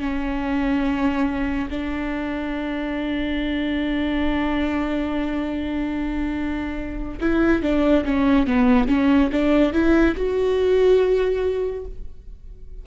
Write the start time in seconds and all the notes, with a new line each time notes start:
0.00 C#4
1.71 D4
7.21 E4
7.62 D4
8.05 C#4
8.47 B3
8.88 C#4
9.32 D4
9.73 E4
10.16 F#4